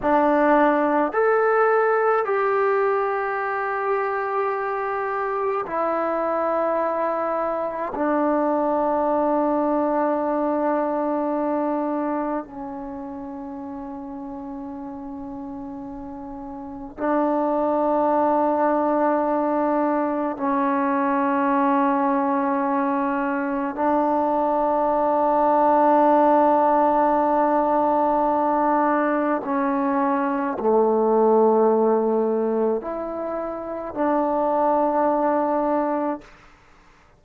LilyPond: \new Staff \with { instrumentName = "trombone" } { \time 4/4 \tempo 4 = 53 d'4 a'4 g'2~ | g'4 e'2 d'4~ | d'2. cis'4~ | cis'2. d'4~ |
d'2 cis'2~ | cis'4 d'2.~ | d'2 cis'4 a4~ | a4 e'4 d'2 | }